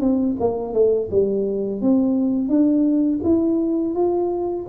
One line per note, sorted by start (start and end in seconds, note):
0.00 0.36 C4
0.39 0.73 A#3
0.73 1.09 A3
1.11 1.81 G3
1.81 2.48 C4
2.48 3.19 D4
3.23 3.94 E4
3.94 4.66 F4